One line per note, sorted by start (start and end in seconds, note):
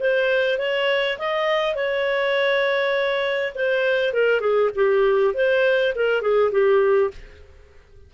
0.00 0.58 C5
0.58 1.18 C#5
1.18 1.75 D#5
1.75 3.53 C#5
3.55 4.13 C5
4.13 4.40 A#4
4.40 4.70 G#4
4.75 5.34 G4
5.34 5.93 C5
5.95 6.21 A#4
6.21 6.51 G#4
6.51 7.11 G4